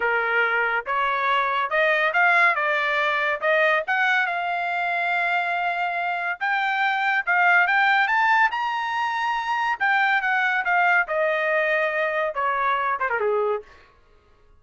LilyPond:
\new Staff \with { instrumentName = "trumpet" } { \time 4/4 \tempo 4 = 141 ais'2 cis''2 | dis''4 f''4 d''2 | dis''4 fis''4 f''2~ | f''2. g''4~ |
g''4 f''4 g''4 a''4 | ais''2. g''4 | fis''4 f''4 dis''2~ | dis''4 cis''4. c''16 ais'16 gis'4 | }